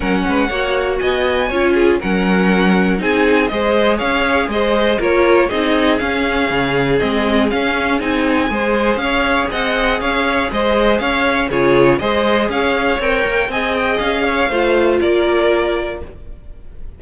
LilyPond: <<
  \new Staff \with { instrumentName = "violin" } { \time 4/4 \tempo 4 = 120 fis''2 gis''2 | fis''2 gis''4 dis''4 | f''4 dis''4 cis''4 dis''4 | f''2 dis''4 f''4 |
gis''2 f''4 fis''4 | f''4 dis''4 f''4 cis''4 | dis''4 f''4 g''4 gis''8 g''8 | f''2 d''2 | }
  \new Staff \with { instrumentName = "violin" } { \time 4/4 ais'8 b'8 cis''4 dis''4 cis''8 gis'8 | ais'2 gis'4 c''4 | cis''4 c''4 ais'4 gis'4~ | gis'1~ |
gis'4 c''4 cis''4 dis''4 | cis''4 c''4 cis''4 gis'4 | c''4 cis''2 dis''4~ | dis''8 cis''8 c''4 ais'2 | }
  \new Staff \with { instrumentName = "viola" } { \time 4/4 cis'4 fis'2 f'4 | cis'2 dis'4 gis'4~ | gis'2 f'4 dis'4 | cis'2 c'4 cis'4 |
dis'4 gis'2.~ | gis'2. f'4 | gis'2 ais'4 gis'4~ | gis'4 f'2. | }
  \new Staff \with { instrumentName = "cello" } { \time 4/4 fis8 gis8 ais4 b4 cis'4 | fis2 c'4 gis4 | cis'4 gis4 ais4 c'4 | cis'4 cis4 gis4 cis'4 |
c'4 gis4 cis'4 c'4 | cis'4 gis4 cis'4 cis4 | gis4 cis'4 c'8 ais8 c'4 | cis'4 a4 ais2 | }
>>